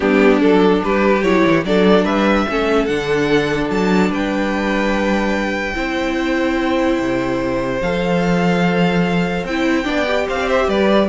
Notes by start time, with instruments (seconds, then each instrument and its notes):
0.00 cello G3, viola B3, violin D4 G4
0.40 cello F#3, viola D4, violin A4
0.83 cello G3, violin G4 B4
1.22 cello F#3, viola E4, violin C#5
1.46 cello E3
1.64 cello F#3, viola D4, violin A4 D5
2.04 cello G3, violin B4 E5
2.48 cello A3, viola C#4, violin A4
2.85 cello D3, viola D4, violin F#5
3.69 cello F#3, violin A5
4.09 cello G3, violin B4 G5
5.74 cello C4, viola E4, violin C5
6.98 cello C3
7.81 cello F3, viola A4, violin F5
9.43 cello C4, viola E4, violin G5
9.84 cello B3, viola D4, violin D5
10.06 viola G4
10.28 cello C4, violin C5 F5
10.41 violin C5 D5
10.49 violin E5
10.67 cello G3, violin B4 D5